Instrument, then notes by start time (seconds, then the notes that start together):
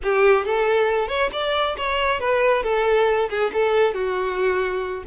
violin
0.03 G4
0.45 A4
1.07 C#5
1.32 D5
1.77 C#5
2.20 B4
2.63 A4
3.29 G#4
3.53 A4
3.94 F#4